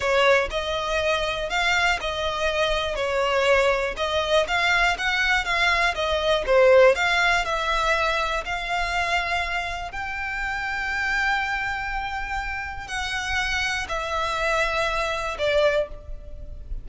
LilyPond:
\new Staff \with { instrumentName = "violin" } { \time 4/4 \tempo 4 = 121 cis''4 dis''2 f''4 | dis''2 cis''2 | dis''4 f''4 fis''4 f''4 | dis''4 c''4 f''4 e''4~ |
e''4 f''2. | g''1~ | g''2 fis''2 | e''2. d''4 | }